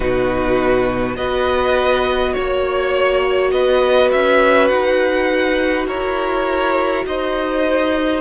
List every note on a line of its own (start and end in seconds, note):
0.00 1.16 B2
0.00 1.16 D#4
0.00 1.16 F#4
0.00 1.16 B4
1.16 2.34 B3
1.16 8.20 F#4
1.16 2.35 B4
1.16 2.33 D#5
2.33 3.52 A#3
2.33 3.50 C#5
2.33 3.53 C#5
3.51 4.11 B3
3.51 5.87 B4
3.51 4.10 D#5
4.11 4.70 C#4
4.11 4.68 E5
4.68 5.87 D#4
4.68 5.85 F#5
5.87 7.05 E4
5.87 7.04 A#4
5.87 7.05 C#5
7.05 8.20 D#4
7.05 8.20 C5
7.05 8.20 D#5